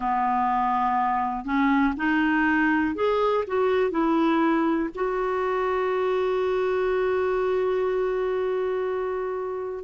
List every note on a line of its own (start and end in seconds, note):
0.00 1.44 B3
1.44 1.94 C#4
1.96 2.95 D#4
2.95 3.44 G#4
3.47 3.91 F#4
3.91 4.89 E4
4.94 9.84 F#4